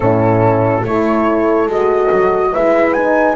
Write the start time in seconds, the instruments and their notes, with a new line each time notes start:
0.00 double bass A2, horn C#4 E4, flute A4
0.82 double bass A3, horn E4 A4, flute C#5
1.66 double bass G#3, horn F#4, flute D#5
2.11 double bass F#3
2.51 double bass G#3, horn E4 B4, flute E5
2.93 horn D#4, flute G#5